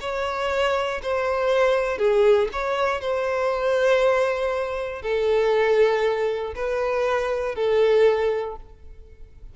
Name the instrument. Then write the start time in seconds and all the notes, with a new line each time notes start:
violin
0.00 C#5
1.02 C5
1.98 G#4
2.52 C#5
3.01 C5
5.02 A4
6.55 B4
7.55 A4